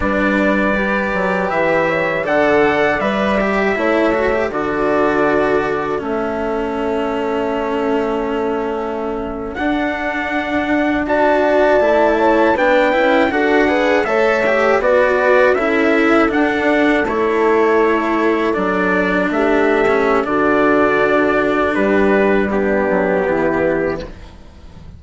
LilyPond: <<
  \new Staff \with { instrumentName = "trumpet" } { \time 4/4 \tempo 4 = 80 d''2 e''4 fis''4 | e''2 d''2 | e''1~ | e''8. fis''2 a''4~ a''16~ |
a''8. g''4 fis''4 e''4 d''16~ | d''8. e''4 fis''4 cis''4~ cis''16~ | cis''8. d''4 e''4~ e''16 d''4~ | d''4 b'4 g'2 | }
  \new Staff \with { instrumentName = "horn" } { \time 4/4 b'2~ b'8 cis''8 d''4~ | d''4 cis''4 a'2~ | a'1~ | a'2~ a'8. d''4~ d''16~ |
d''16 cis''8 b'4 a'8 b'8 cis''4 b'16~ | b'8. a'2.~ a'16~ | a'4.~ a'16 g'4~ g'16 fis'4~ | fis'4 g'4 d'4 e'4 | }
  \new Staff \with { instrumentName = "cello" } { \time 4/4 d'4 g'2 a'4 | b'8 g'8 e'8 fis'16 g'16 fis'2 | cis'1~ | cis'8. d'2 fis'4 e'16~ |
e'8. d'8 e'8 fis'8 gis'8 a'8 g'8 fis'16~ | fis'8. e'4 d'4 e'4~ e'16~ | e'8. d'4.~ d'16 cis'8 d'4~ | d'2 b2 | }
  \new Staff \with { instrumentName = "bassoon" } { \time 4/4 g4. fis8 e4 d4 | g4 a4 d2 | a1~ | a8. d'2. a16~ |
a8. b8 cis'8 d'4 a4 b16~ | b8. cis'4 d'4 a4~ a16~ | a8. fis4 a4~ a16 d4~ | d4 g4. fis8 e4 | }
>>